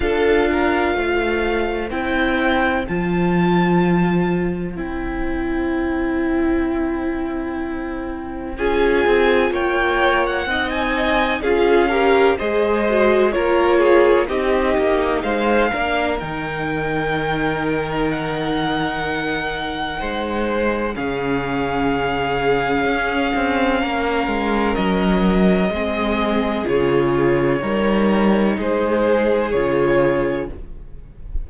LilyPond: <<
  \new Staff \with { instrumentName = "violin" } { \time 4/4 \tempo 4 = 63 f''2 g''4 a''4~ | a''4 g''2.~ | g''4 gis''4 g''8. fis''8 gis''8. | f''4 dis''4 cis''4 dis''4 |
f''4 g''2 fis''4~ | fis''2 f''2~ | f''2 dis''2 | cis''2 c''4 cis''4 | }
  \new Staff \with { instrumentName = "violin" } { \time 4/4 a'8 ais'8 c''2.~ | c''1~ | c''4 gis'4 cis''4 dis''4 | gis'8 ais'8 c''4 ais'8 gis'8 g'4 |
c''8 ais'2.~ ais'8~ | ais'4 c''4 gis'2~ | gis'4 ais'2 gis'4~ | gis'4 ais'4 gis'2 | }
  \new Staff \with { instrumentName = "viola" } { \time 4/4 f'2 e'4 f'4~ | f'4 e'2.~ | e'4 f'2 dis'4 | f'8 g'8 gis'8 fis'8 f'4 dis'4~ |
dis'8 d'8 dis'2.~ | dis'2 cis'2~ | cis'2. c'4 | f'4 dis'2 f'4 | }
  \new Staff \with { instrumentName = "cello" } { \time 4/4 d'4 a4 c'4 f4~ | f4 c'2.~ | c'4 cis'8 c'8 ais4 c'4 | cis'4 gis4 ais4 c'8 ais8 |
gis8 ais8 dis2.~ | dis4 gis4 cis2 | cis'8 c'8 ais8 gis8 fis4 gis4 | cis4 g4 gis4 cis4 | }
>>